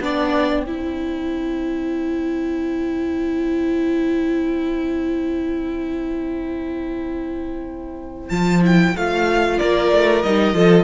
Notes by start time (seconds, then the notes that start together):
0.00 B3 D4 D5 G5
0.64 C4 E4 C5
8.29 F3 F4 A5
8.62 E4 G5
8.96 A3 F4 F5
9.58 A#3 A#4 D5
9.92 A3
10.22 G3 D#4 D#5
10.53 F3 F4 A4